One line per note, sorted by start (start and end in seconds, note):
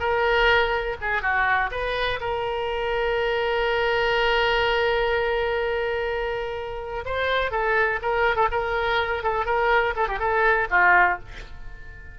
0.00 0.97 A#4
1.02 1.23 G#4
1.23 1.71 F#4
1.72 2.20 B4
2.21 7.05 A#4
7.06 7.52 C5
7.52 8.00 A4
8.03 8.37 A#4
8.37 8.49 A4
8.52 9.24 A#4
9.24 9.46 A4
9.46 9.94 A#4
9.96 10.08 A4
10.08 10.20 G4
10.20 10.68 A4
10.71 11.19 F4